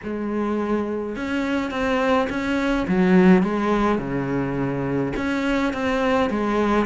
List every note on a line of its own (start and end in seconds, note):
0.03 1.16 G#3
1.16 1.70 C#4
1.70 2.28 C4
2.29 2.86 C#4
2.88 3.42 F#3
3.42 3.98 G#3
3.98 5.12 C#3
5.16 5.73 C#4
5.73 6.30 C4
6.30 6.85 G#3